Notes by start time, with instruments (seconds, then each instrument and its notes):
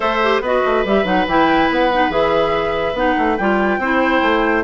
0.00 bassoon A3, clarinet A4, oboe C5, flute E5
0.23 clarinet G4
0.40 bassoon B3, clarinet F#4, oboe B4, flute D#5
0.65 bassoon A3
0.84 bassoon G3, clarinet G4, flute E5
1.04 bassoon F#3, clarinet D#4, flute F#5
1.26 bassoon E3, clarinet E4, flute G5
1.70 bassoon B3, flute F#5
1.92 clarinet D#4
2.09 bassoon E3, clarinet G#4, flute E5
2.93 bassoon B3, clarinet D#4, flute F#5
3.17 bassoon A3
3.37 bassoon G3, clarinet F4, flute G5
3.78 bassoon C4, clarinet E4, oboe C5
4.22 bassoon A3